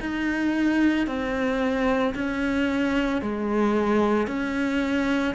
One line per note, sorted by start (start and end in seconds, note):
0.00 1.06 D#4
1.06 2.13 C4
2.14 3.21 C#4
3.21 4.27 G#3
4.27 5.34 C#4